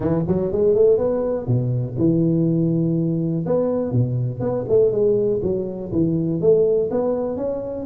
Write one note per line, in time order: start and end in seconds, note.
0.00 0.24 E3
0.27 0.52 F#3
0.52 0.74 G#3
0.74 0.97 A3
0.97 1.46 B3
1.46 1.95 B2
1.98 3.45 E3
3.46 3.91 B3
3.91 4.40 B2
4.40 4.64 B3
4.69 4.91 A3
4.91 5.40 G#3
5.42 5.91 F#3
5.92 6.40 E3
6.40 6.90 A3
6.90 7.36 B3
7.36 7.86 C#4